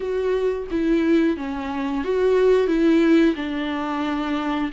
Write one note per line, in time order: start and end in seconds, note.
0.00 0.67 F#4
0.70 1.36 E4
1.36 2.03 C#4
2.03 2.67 F#4
2.67 3.34 E4
3.35 4.70 D4